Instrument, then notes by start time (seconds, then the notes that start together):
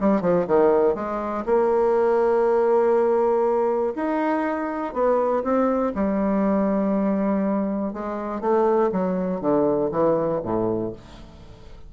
bassoon
0.00 G3
0.21 F3
0.48 D#3
0.95 G#3
1.46 A#3
3.96 D#4
4.94 B3
5.44 C4
5.95 G3
7.93 G#3
8.41 A3
8.92 F#3
9.41 D3
9.91 E3
10.43 A2